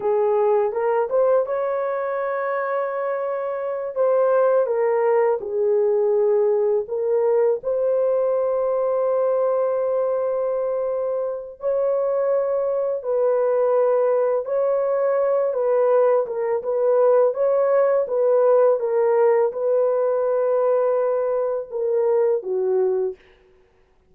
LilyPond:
\new Staff \with { instrumentName = "horn" } { \time 4/4 \tempo 4 = 83 gis'4 ais'8 c''8 cis''2~ | cis''4. c''4 ais'4 gis'8~ | gis'4. ais'4 c''4.~ | c''1 |
cis''2 b'2 | cis''4. b'4 ais'8 b'4 | cis''4 b'4 ais'4 b'4~ | b'2 ais'4 fis'4 | }